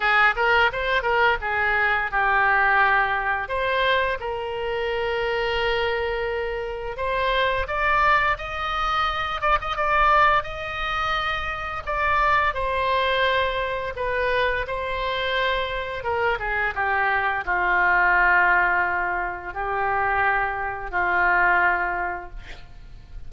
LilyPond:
\new Staff \with { instrumentName = "oboe" } { \time 4/4 \tempo 4 = 86 gis'8 ais'8 c''8 ais'8 gis'4 g'4~ | g'4 c''4 ais'2~ | ais'2 c''4 d''4 | dis''4. d''16 dis''16 d''4 dis''4~ |
dis''4 d''4 c''2 | b'4 c''2 ais'8 gis'8 | g'4 f'2. | g'2 f'2 | }